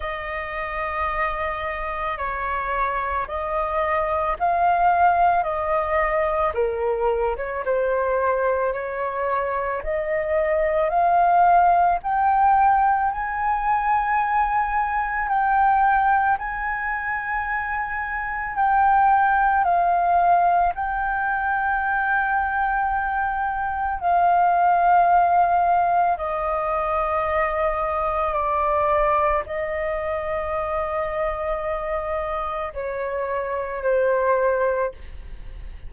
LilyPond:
\new Staff \with { instrumentName = "flute" } { \time 4/4 \tempo 4 = 55 dis''2 cis''4 dis''4 | f''4 dis''4 ais'8. cis''16 c''4 | cis''4 dis''4 f''4 g''4 | gis''2 g''4 gis''4~ |
gis''4 g''4 f''4 g''4~ | g''2 f''2 | dis''2 d''4 dis''4~ | dis''2 cis''4 c''4 | }